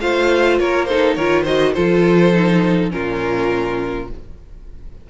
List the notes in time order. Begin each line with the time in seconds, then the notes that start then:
0.00 A3 F4 C5 F5
0.59 A#3 A#4 C#5
0.85 D#4 A4 C5
1.15 D#3 F4 A#4 C#5
1.43 F#4 C5 D#5
1.73 F3 F4 A4 C5
2.33 D#4
2.90 A#2 C#4 F4 A#4